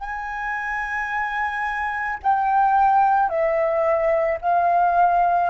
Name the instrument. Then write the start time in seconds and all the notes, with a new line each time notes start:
flute
0.00 G#5
2.23 G5
3.29 E5
4.41 F5